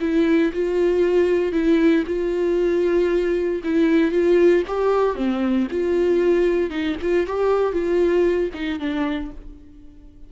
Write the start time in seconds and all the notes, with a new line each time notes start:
0.00 E4
0.53 F4
1.52 E4
2.07 F4
3.64 E4
4.11 F4
4.67 G4
5.15 C4
5.71 F4
6.70 D#4
7.02 F4
7.26 G4
7.73 F4
8.54 D#4
8.79 D4